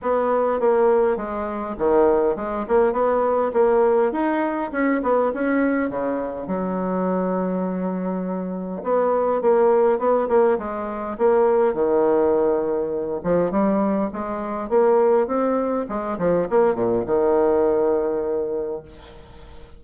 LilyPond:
\new Staff \with { instrumentName = "bassoon" } { \time 4/4 \tempo 4 = 102 b4 ais4 gis4 dis4 | gis8 ais8 b4 ais4 dis'4 | cis'8 b8 cis'4 cis4 fis4~ | fis2. b4 |
ais4 b8 ais8 gis4 ais4 | dis2~ dis8 f8 g4 | gis4 ais4 c'4 gis8 f8 | ais8 ais,8 dis2. | }